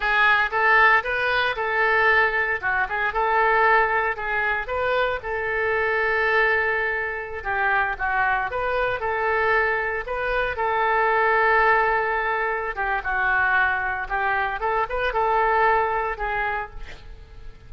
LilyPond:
\new Staff \with { instrumentName = "oboe" } { \time 4/4 \tempo 4 = 115 gis'4 a'4 b'4 a'4~ | a'4 fis'8 gis'8 a'2 | gis'4 b'4 a'2~ | a'2~ a'16 g'4 fis'8.~ |
fis'16 b'4 a'2 b'8.~ | b'16 a'2.~ a'8.~ | a'8 g'8 fis'2 g'4 | a'8 b'8 a'2 gis'4 | }